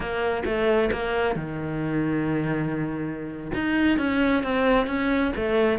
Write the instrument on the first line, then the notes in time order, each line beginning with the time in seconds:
cello
0.00 A#3
0.45 A3
0.92 A#3
1.35 D#3
3.54 D#4
3.98 C#4
4.43 C4
4.86 C#4
5.36 A3